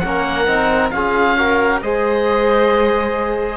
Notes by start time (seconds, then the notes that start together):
0.00 A#3 C#4 F#5
0.06 A#4
0.47 C4 D#4
0.91 C#4 F4 G#4 F5
1.38 F#4 A#4
1.82 G#3 G#4 C5 D#5